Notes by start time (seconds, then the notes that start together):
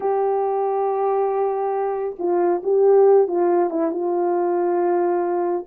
0.00 G4
2.18 F4
2.63 G4
3.27 F4
3.70 E4
3.91 F4